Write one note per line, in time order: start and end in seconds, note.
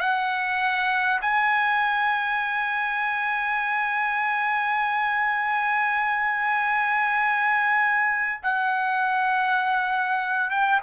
0.00 1.20 F#5
1.21 8.41 G#5
8.42 10.50 F#5
10.50 10.80 G5